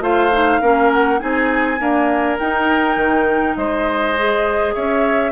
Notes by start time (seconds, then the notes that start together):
0.00 A3 F4 C5 F5
0.32 D#4
0.61 A#3 C#4 A#4
0.93 F#5
1.19 C4 D#4 G#4 G#5
1.78 A#3 D4 A#4
2.38 D#4 G5
2.96 D#3
3.56 G#3 C5 D#5
4.16 G#4
4.74 C#4 C#5 E5